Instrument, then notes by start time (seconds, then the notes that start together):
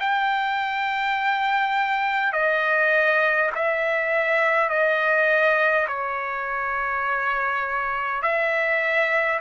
trumpet
0.00 G5
2.33 D#5
3.56 E5
4.70 D#5
5.88 C#5
8.22 E5